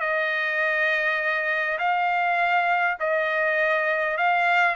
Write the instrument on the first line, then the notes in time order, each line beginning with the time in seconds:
trumpet
0.00 D#5
1.79 F5
3.00 D#5
4.17 F5